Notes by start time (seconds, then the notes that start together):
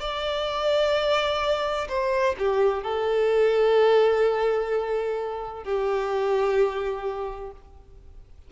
0.00 D5
1.89 C5
2.38 G4
2.83 A4
5.64 G4